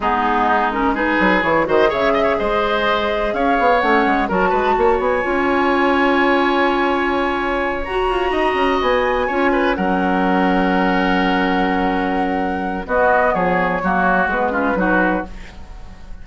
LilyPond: <<
  \new Staff \with { instrumentName = "flute" } { \time 4/4 \tempo 4 = 126 gis'4. ais'8 b'4 cis''8 dis''8 | e''4 dis''2 f''4 | fis''4 a''4. gis''4.~ | gis''1~ |
gis''8 ais''2 gis''4.~ | gis''8 fis''2.~ fis''8~ | fis''2. dis''4 | cis''2 b'2 | }
  \new Staff \with { instrumentName = "oboe" } { \time 4/4 dis'2 gis'4. c''8 | cis''8 dis''16 cis''16 c''2 cis''4~ | cis''4 ais'8 b'8 cis''2~ | cis''1~ |
cis''4. dis''2 cis''8 | b'8 ais'2.~ ais'8~ | ais'2. fis'4 | gis'4 fis'4. f'8 fis'4 | }
  \new Staff \with { instrumentName = "clarinet" } { \time 4/4 b4. cis'8 dis'4 e'8 fis'8 | gis'1 | cis'4 fis'2 f'4~ | f'1~ |
f'8 fis'2. f'8~ | f'8 cis'2.~ cis'8~ | cis'2. b4~ | b4 ais4 b8 cis'8 dis'4 | }
  \new Staff \with { instrumentName = "bassoon" } { \time 4/4 gis2~ gis8 fis8 e8 dis8 | cis4 gis2 cis'8 b8 | a8 gis8 fis8 gis8 ais8 b8 cis'4~ | cis'1~ |
cis'8 fis'8 f'8 dis'8 cis'8 b4 cis'8~ | cis'8 fis2.~ fis8~ | fis2. b4 | f4 fis4 gis4 fis4 | }
>>